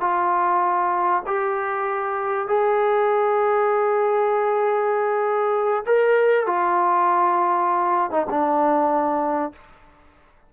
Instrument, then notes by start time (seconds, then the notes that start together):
trombone
0.00 F4
1.26 G4
2.47 G#4
5.86 A#4
6.46 F4
8.10 D#4
8.30 D4